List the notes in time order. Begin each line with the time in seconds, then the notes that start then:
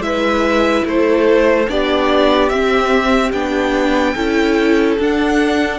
0.00 G#3 E4 B4 E5
0.86 A3 A4 C5
1.68 B3 D4 G4 D5
2.49 C4 E5
3.33 B3 D4 G5
4.14 C#4 E4 A4
4.99 D4 F#5